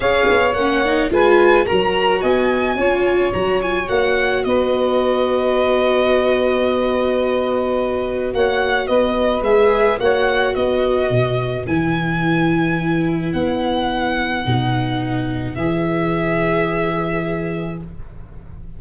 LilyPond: <<
  \new Staff \with { instrumentName = "violin" } { \time 4/4 \tempo 4 = 108 f''4 fis''4 gis''4 ais''4 | gis''2 ais''8 gis''8 fis''4 | dis''1~ | dis''2. fis''4 |
dis''4 e''4 fis''4 dis''4~ | dis''4 gis''2. | fis''1 | e''1 | }
  \new Staff \with { instrumentName = "saxophone" } { \time 4/4 cis''2 b'4 ais'4 | dis''4 cis''2. | b'1~ | b'2. cis''4 |
b'2 cis''4 b'4~ | b'1~ | b'1~ | b'1 | }
  \new Staff \with { instrumentName = "viola" } { \time 4/4 gis'4 cis'8 dis'8 f'4 fis'4~ | fis'4 f'4 fis'8 f'8 fis'4~ | fis'1~ | fis'1~ |
fis'4 gis'4 fis'2~ | fis'4 e'2.~ | e'2 dis'2 | gis'1 | }
  \new Staff \with { instrumentName = "tuba" } { \time 4/4 cis'8 b8 ais4 gis4 fis4 | b4 cis'4 fis4 ais4 | b1~ | b2. ais4 |
b4 gis4 ais4 b4 | b,4 e2. | b2 b,2 | e1 | }
>>